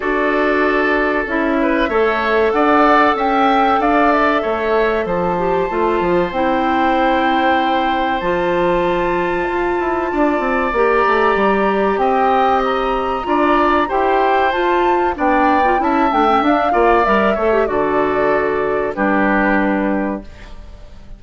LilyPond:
<<
  \new Staff \with { instrumentName = "flute" } { \time 4/4 \tempo 4 = 95 d''2 e''2 | fis''4 g''4 f''8 e''4. | a''2 g''2~ | g''4 a''2.~ |
a''4 ais''2 g''4 | ais''2 g''4 a''4 | g''4 a''8 g''8 f''4 e''4 | d''2 b'2 | }
  \new Staff \with { instrumentName = "oboe" } { \time 4/4 a'2~ a'8 b'8 cis''4 | d''4 e''4 d''4 cis''4 | c''1~ | c''1 |
d''2. dis''4~ | dis''4 d''4 c''2 | d''4 e''4. d''4 cis''8 | a'2 g'2 | }
  \new Staff \with { instrumentName = "clarinet" } { \time 4/4 fis'2 e'4 a'4~ | a'1~ | a'8 g'8 f'4 e'2~ | e'4 f'2.~ |
f'4 g'2.~ | g'4 f'4 g'4 f'4 | d'8. f'16 e'8 d'16 cis'16 d'8 f'8 ais'8 a'16 g'16 | fis'2 d'2 | }
  \new Staff \with { instrumentName = "bassoon" } { \time 4/4 d'2 cis'4 a4 | d'4 cis'4 d'4 a4 | f4 a8 f8 c'2~ | c'4 f2 f'8 e'8 |
d'8 c'8 ais8 a8 g4 c'4~ | c'4 d'4 e'4 f'4 | b4 cis'8 a8 d'8 ais8 g8 a8 | d2 g2 | }
>>